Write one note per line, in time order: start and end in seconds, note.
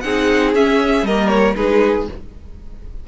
0.00 0.55 C4
0.00 0.54 D#4
0.00 1.06 G#4
0.00 0.51 F#5
0.54 1.06 C#4
0.54 1.02 C#4
0.54 1.06 E5
1.02 1.54 G3
1.02 1.55 A#3
1.02 1.57 A#4
1.02 1.28 D#5
1.28 1.54 C#5
1.55 2.08 G#3
1.55 2.06 D#4
1.55 2.08 G#4
1.55 2.07 B4